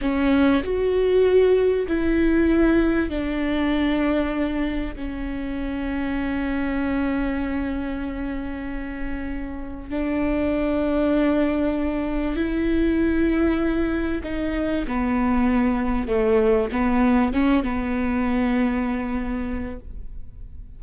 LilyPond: \new Staff \with { instrumentName = "viola" } { \time 4/4 \tempo 4 = 97 cis'4 fis'2 e'4~ | e'4 d'2. | cis'1~ | cis'1 |
d'1 | e'2. dis'4 | b2 a4 b4 | cis'8 b2.~ b8 | }